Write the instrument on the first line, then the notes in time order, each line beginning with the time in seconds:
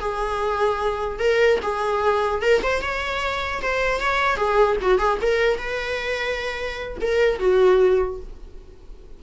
viola
0.00 G#4
1.20 A#4
1.63 G#4
2.43 A#4
2.63 C5
2.82 C#5
3.63 C5
4.01 C#5
4.37 G#4
4.82 F#4
4.99 G#4
5.22 A#4
5.59 B4
7.02 A#4
7.40 F#4